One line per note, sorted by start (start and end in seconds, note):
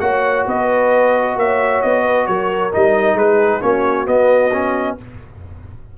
0.00 0.46 A#3
0.00 2.71 F#4
0.00 0.46 C#5
0.00 0.45 F#5
0.46 1.36 B3
0.46 1.37 B4
0.46 1.38 D#5
1.36 1.81 A#3
1.36 2.03 C#5
1.36 1.82 E5
1.82 2.27 B3
1.82 2.26 D#5
2.03 2.26 B4
2.26 2.73 F#3
2.26 3.18 A#4
2.26 2.71 C#5
2.72 3.14 G3
2.72 3.61 D#4
2.72 3.17 D#5
3.14 3.59 G#3
3.14 3.61 G#4
3.14 3.62 B4
3.61 4.07 A#3
3.61 4.06 C#4
3.61 4.96 F#4
3.61 4.07 C#5
4.06 4.51 B3
4.06 4.97 B3
4.06 4.97 D#5
4.52 4.97 C#4